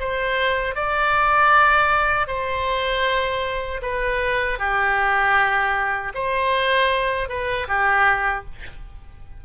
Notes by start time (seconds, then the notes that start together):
0.00 C5
0.75 D5
2.27 C5
3.82 B4
4.59 G4
6.15 C5
7.29 B4
7.68 G4